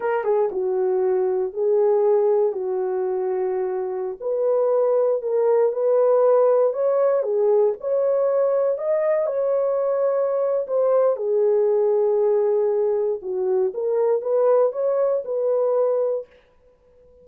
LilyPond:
\new Staff \with { instrumentName = "horn" } { \time 4/4 \tempo 4 = 118 ais'8 gis'8 fis'2 gis'4~ | gis'4 fis'2.~ | fis'16 b'2 ais'4 b'8.~ | b'4~ b'16 cis''4 gis'4 cis''8.~ |
cis''4~ cis''16 dis''4 cis''4.~ cis''16~ | cis''4 c''4 gis'2~ | gis'2 fis'4 ais'4 | b'4 cis''4 b'2 | }